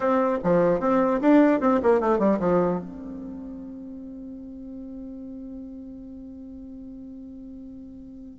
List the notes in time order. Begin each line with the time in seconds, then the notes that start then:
0.00 C4
0.43 F3
0.79 C4
1.21 D4
1.60 C4
1.82 A#3
2.00 A3
2.18 G3
2.39 F3
2.79 C4